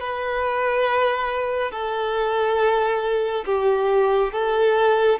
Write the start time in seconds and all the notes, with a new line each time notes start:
0.00 B4
1.71 A4
3.45 G4
4.32 A4